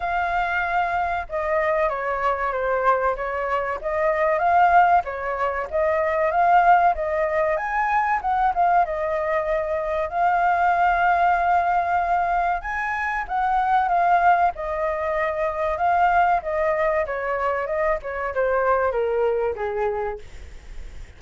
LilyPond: \new Staff \with { instrumentName = "flute" } { \time 4/4 \tempo 4 = 95 f''2 dis''4 cis''4 | c''4 cis''4 dis''4 f''4 | cis''4 dis''4 f''4 dis''4 | gis''4 fis''8 f''8 dis''2 |
f''1 | gis''4 fis''4 f''4 dis''4~ | dis''4 f''4 dis''4 cis''4 | dis''8 cis''8 c''4 ais'4 gis'4 | }